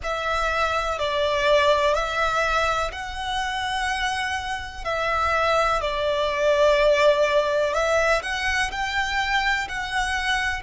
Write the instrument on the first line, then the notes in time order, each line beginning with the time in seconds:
violin
0.03 E5
0.99 D5
1.94 E5
2.92 F#5
4.84 E5
5.81 D5
7.73 E5
8.22 F#5
8.71 G5
9.68 F#5